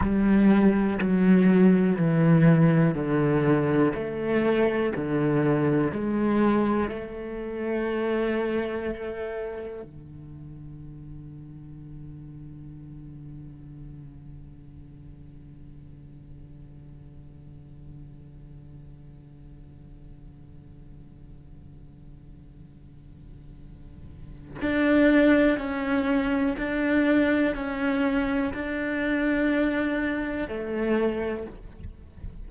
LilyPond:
\new Staff \with { instrumentName = "cello" } { \time 4/4 \tempo 4 = 61 g4 fis4 e4 d4 | a4 d4 gis4 a4~ | a2 d2~ | d1~ |
d1~ | d1~ | d4 d'4 cis'4 d'4 | cis'4 d'2 a4 | }